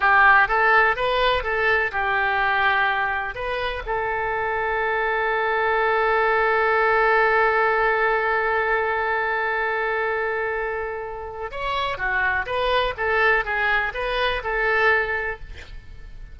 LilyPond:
\new Staff \with { instrumentName = "oboe" } { \time 4/4 \tempo 4 = 125 g'4 a'4 b'4 a'4 | g'2. b'4 | a'1~ | a'1~ |
a'1~ | a'1 | cis''4 fis'4 b'4 a'4 | gis'4 b'4 a'2 | }